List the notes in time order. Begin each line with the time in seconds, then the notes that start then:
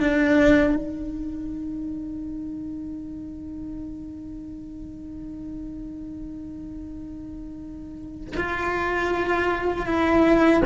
0.00 D4
0.76 D#4
8.37 F4
9.86 E4